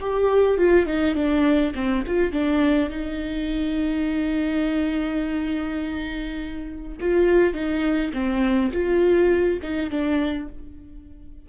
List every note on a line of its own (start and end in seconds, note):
0.00 0.57 G4
0.57 0.86 F4
0.86 1.15 D#4
1.15 1.73 D4
1.75 2.04 C4
2.07 2.32 F4
2.32 2.90 D4
2.90 6.97 D#4
7.00 7.54 F4
7.54 8.12 D#4
8.13 8.71 C4
8.72 9.60 F4
9.63 9.90 D#4
9.90 10.48 D4